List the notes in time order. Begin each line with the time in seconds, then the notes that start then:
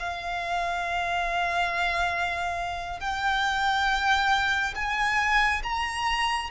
0.00 F5
3.01 G5
4.76 G#5
5.64 A#5